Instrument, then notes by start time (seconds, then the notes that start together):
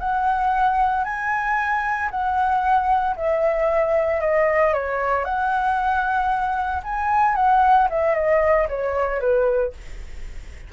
flute
0.00 F#5
1.05 G#5
2.11 F#5
3.17 E5
4.21 D#5
4.74 C#5
5.25 F#5
6.84 G#5
7.36 F#5
7.90 E5
8.15 D#5
8.69 C#5
9.20 B4